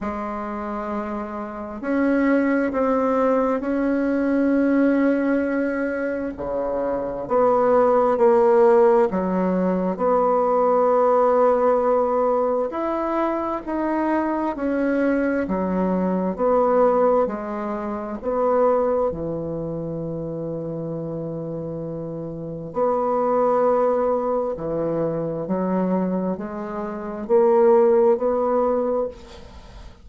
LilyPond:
\new Staff \with { instrumentName = "bassoon" } { \time 4/4 \tempo 4 = 66 gis2 cis'4 c'4 | cis'2. cis4 | b4 ais4 fis4 b4~ | b2 e'4 dis'4 |
cis'4 fis4 b4 gis4 | b4 e2.~ | e4 b2 e4 | fis4 gis4 ais4 b4 | }